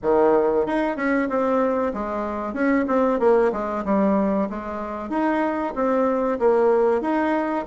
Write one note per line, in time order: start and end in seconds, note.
0.02 0.66 D#3
0.66 0.96 D#4
0.96 1.28 C#4
1.29 1.93 C4
1.93 2.53 G#3
2.53 2.85 C#4
2.87 3.19 C4
3.19 3.51 A#3
3.52 3.84 G#3
3.84 4.48 G3
4.49 5.09 G#3
5.09 5.73 D#4
5.75 6.39 C4
6.39 7.01 A#3
7.01 7.65 D#4